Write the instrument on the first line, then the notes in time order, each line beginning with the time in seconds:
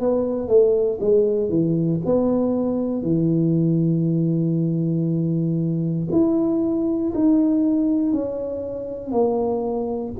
tuba
0.00 B3
0.48 A3
1.00 G#3
1.49 E3
2.05 B3
3.03 E3
6.12 E4
7.15 D#4
8.13 C#4
9.12 A#3